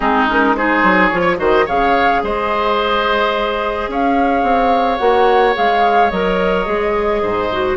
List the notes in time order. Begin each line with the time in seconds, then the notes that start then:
0.00 G#3 C4 D#4 G#4
0.28 C#4 A#4
0.56 D#4 G#4 C5
0.83 F#3
1.08 F3 F4 C#5
1.21 C#5
1.37 D#3 F#4 C5 D#5
1.65 C#3 G#4 C#5 F5
2.22 G#3 C5 D#5
3.87 C#4 C#5 F5
4.42 C4
4.98 A#3 F#4 F#5
5.54 G#3 G#4 F5
6.10 F#3 A#4 D#5
6.65 G#3 G#4
7.22 G#2 C5
7.52 F#4